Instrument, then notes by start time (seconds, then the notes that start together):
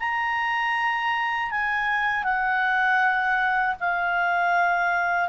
clarinet
0.00 A#5
1.51 G#5
2.24 F#5
3.80 F5